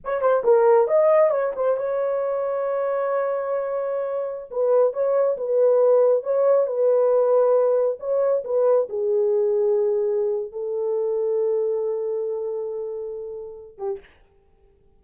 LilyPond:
\new Staff \with { instrumentName = "horn" } { \time 4/4 \tempo 4 = 137 cis''8 c''8 ais'4 dis''4 cis''8 c''8 | cis''1~ | cis''2~ cis''16 b'4 cis''8.~ | cis''16 b'2 cis''4 b'8.~ |
b'2~ b'16 cis''4 b'8.~ | b'16 gis'2.~ gis'8. | a'1~ | a'2.~ a'8 g'8 | }